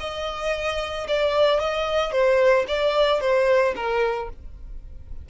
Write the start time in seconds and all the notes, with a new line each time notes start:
0.00 D#5
1.08 D5
1.60 D#5
2.12 C5
2.68 D5
3.21 C5
3.76 A#4